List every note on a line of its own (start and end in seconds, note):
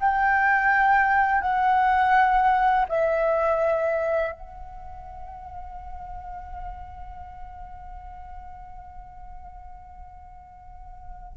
0.00 1.42 G5
1.42 2.86 F#5
2.89 4.32 E5
4.32 11.37 F#5